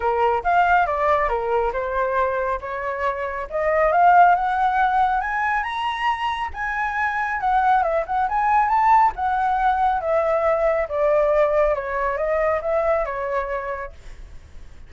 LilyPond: \new Staff \with { instrumentName = "flute" } { \time 4/4 \tempo 4 = 138 ais'4 f''4 d''4 ais'4 | c''2 cis''2 | dis''4 f''4 fis''2 | gis''4 ais''2 gis''4~ |
gis''4 fis''4 e''8 fis''8 gis''4 | a''4 fis''2 e''4~ | e''4 d''2 cis''4 | dis''4 e''4 cis''2 | }